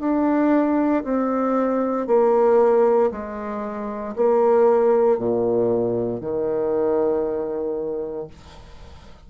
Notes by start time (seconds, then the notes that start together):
0.00 D4
1.03 C4
2.07 A#3
3.11 G#3
4.16 A#3
5.18 A#2
6.20 D#3